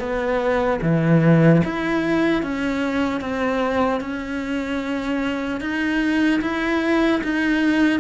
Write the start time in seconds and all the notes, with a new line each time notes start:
0.00 B3
0.82 E3
1.65 E4
2.43 C#4
3.21 C4
4.01 C#4
5.61 D#4
6.42 E4
7.24 D#4